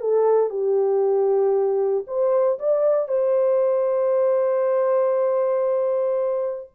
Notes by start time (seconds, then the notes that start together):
0.00 A4
0.49 G4
2.06 C5
2.58 D5
3.08 C5